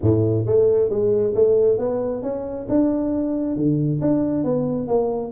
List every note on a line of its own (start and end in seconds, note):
0.01 0.45 A2
0.45 0.89 A3
0.89 1.34 G#3
1.35 1.78 A3
1.78 2.22 B3
2.22 2.66 C#4
2.68 3.56 D4
3.56 4.00 D3
4.01 4.44 D4
4.44 4.87 B3
4.87 5.32 A#3